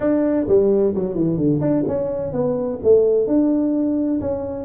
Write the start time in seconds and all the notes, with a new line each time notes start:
0.00 D4
0.48 G3
0.95 F#3
1.14 E3
1.37 D3
1.60 D4
1.87 C#4
2.32 B3
2.83 A3
3.27 D4
4.20 C#4